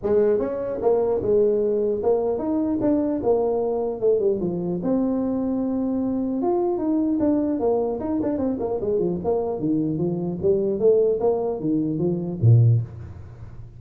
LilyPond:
\new Staff \with { instrumentName = "tuba" } { \time 4/4 \tempo 4 = 150 gis4 cis'4 ais4 gis4~ | gis4 ais4 dis'4 d'4 | ais2 a8 g8 f4 | c'1 |
f'4 dis'4 d'4 ais4 | dis'8 d'8 c'8 ais8 gis8 f8 ais4 | dis4 f4 g4 a4 | ais4 dis4 f4 ais,4 | }